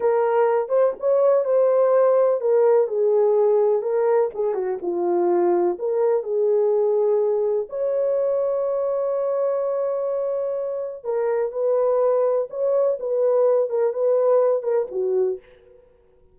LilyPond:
\new Staff \with { instrumentName = "horn" } { \time 4/4 \tempo 4 = 125 ais'4. c''8 cis''4 c''4~ | c''4 ais'4 gis'2 | ais'4 gis'8 fis'8 f'2 | ais'4 gis'2. |
cis''1~ | cis''2. ais'4 | b'2 cis''4 b'4~ | b'8 ais'8 b'4. ais'8 fis'4 | }